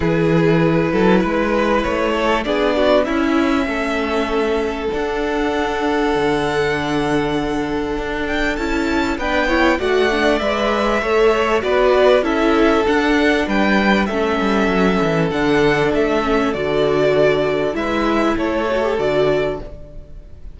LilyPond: <<
  \new Staff \with { instrumentName = "violin" } { \time 4/4 \tempo 4 = 98 b'2. cis''4 | d''4 e''2. | fis''1~ | fis''4. g''8 a''4 g''4 |
fis''4 e''2 d''4 | e''4 fis''4 g''4 e''4~ | e''4 fis''4 e''4 d''4~ | d''4 e''4 cis''4 d''4 | }
  \new Staff \with { instrumentName = "violin" } { \time 4/4 gis'4. a'8 b'4. a'8 | gis'8 fis'8 e'4 a'2~ | a'1~ | a'2. b'8 cis''8 |
d''2 cis''4 b'4 | a'2 b'4 a'4~ | a'1~ | a'4 b'4 a'2 | }
  \new Staff \with { instrumentName = "viola" } { \time 4/4 e'1 | d'4 cis'2. | d'1~ | d'2 e'4 d'8 e'8 |
fis'8 d'8 b'4 a'4 fis'4 | e'4 d'2 cis'4~ | cis'4 d'4. cis'8 fis'4~ | fis'4 e'4. fis'16 g'16 fis'4 | }
  \new Staff \with { instrumentName = "cello" } { \time 4/4 e4. fis8 gis4 a4 | b4 cis'4 a2 | d'2 d2~ | d4 d'4 cis'4 b4 |
a4 gis4 a4 b4 | cis'4 d'4 g4 a8 g8 | fis8 e8 d4 a4 d4~ | d4 gis4 a4 d4 | }
>>